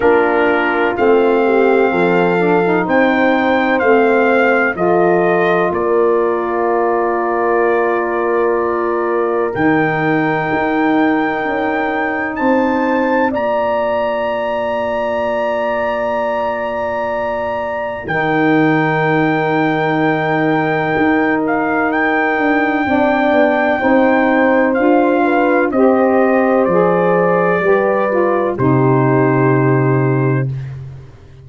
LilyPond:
<<
  \new Staff \with { instrumentName = "trumpet" } { \time 4/4 \tempo 4 = 63 ais'4 f''2 g''4 | f''4 dis''4 d''2~ | d''2 g''2~ | g''4 a''4 ais''2~ |
ais''2. g''4~ | g''2~ g''8 f''8 g''4~ | g''2 f''4 dis''4 | d''2 c''2 | }
  \new Staff \with { instrumentName = "horn" } { \time 4/4 f'4. g'8 a'4 c''4~ | c''4 a'4 ais'2~ | ais'1~ | ais'4 c''4 d''2~ |
d''2. ais'4~ | ais'1 | d''4 c''4. b'8 c''4~ | c''4 b'4 g'2 | }
  \new Staff \with { instrumentName = "saxophone" } { \time 4/4 d'4 c'4. d'16 dis'4~ dis'16 | c'4 f'2.~ | f'2 dis'2~ | dis'2 f'2~ |
f'2. dis'4~ | dis'1 | d'4 dis'4 f'4 g'4 | gis'4 g'8 f'8 dis'2 | }
  \new Staff \with { instrumentName = "tuba" } { \time 4/4 ais4 a4 f4 c'4 | a4 f4 ais2~ | ais2 dis4 dis'4 | cis'4 c'4 ais2~ |
ais2. dis4~ | dis2 dis'4. d'8 | c'8 b8 c'4 d'4 c'4 | f4 g4 c2 | }
>>